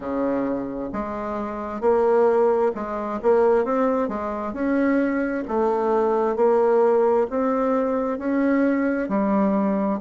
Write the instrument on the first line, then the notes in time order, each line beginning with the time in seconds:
bassoon
0.00 C#3
0.92 G#3
1.81 A#3
2.74 G#3
3.22 A#3
3.64 C4
4.08 G#3
4.53 C#4
5.48 A3
6.36 A#3
7.30 C4
8.18 C#4
9.09 G3